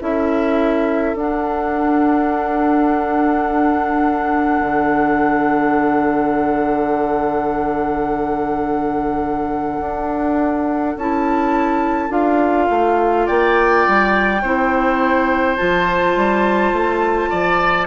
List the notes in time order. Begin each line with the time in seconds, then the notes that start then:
0.00 C#4 E4 A4 E5
1.14 D4 F#5
4.60 D3
9.80 D4
10.96 C#4 E4 A5
12.09 D4 F4 F5
12.69 A3
13.26 A#3 D5 G5
13.87 G3
14.42 C4 E4 C5
15.56 F3 F4 A5
16.16 G3
16.72 A3
17.30 F3 D5